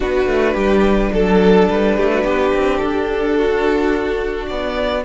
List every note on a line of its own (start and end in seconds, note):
0.00 0.26 B3
0.00 5.04 D4
0.00 0.54 F#4
0.00 1.12 B4
0.26 0.54 A3
0.54 1.11 G3
0.54 1.10 G4
1.12 1.68 F#3
1.12 1.68 A4
1.12 1.96 A4
1.69 1.97 G3
1.69 2.77 B4
1.96 2.23 A3
1.96 2.10 G4
2.13 2.24 F#4
2.23 2.51 B3
2.23 3.36 G4
2.53 2.81 C4
2.77 4.50 D4
2.77 4.45 A4
3.36 5.04 F#4
4.47 5.04 B3
4.47 5.03 D5